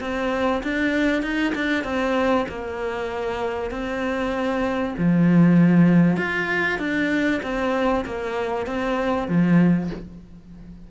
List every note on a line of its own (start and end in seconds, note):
0.00 0.62 C4
0.63 1.22 D4
1.22 1.53 D#4
1.54 1.84 D4
1.84 2.45 C4
2.49 3.71 A#3
3.71 4.94 C4
4.98 6.17 F3
6.17 6.78 F4
6.78 7.40 D4
7.43 8.04 C4
8.05 8.66 A#3
8.66 9.28 C4
9.28 9.90 F3